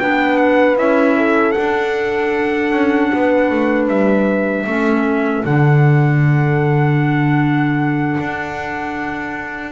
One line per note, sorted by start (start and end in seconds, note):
0.00 0.77 B3
0.00 0.77 D4
0.00 1.17 B4
0.00 0.37 G5
0.37 0.76 F#5
0.77 1.55 C#4
0.77 1.55 E4
0.77 1.52 E5
1.17 3.12 A4
1.52 4.67 D4
1.52 2.72 D4
1.52 3.86 F#5
2.72 3.11 C#4
3.12 3.51 B3
3.12 4.67 B4
3.51 3.88 A3
3.88 4.66 G3
3.88 5.45 E5
4.66 5.44 A3
4.66 5.45 C#4
4.66 9.72 A4
5.45 8.18 D3
5.45 9.72 D4
5.45 9.72 F#5
8.20 9.72 D4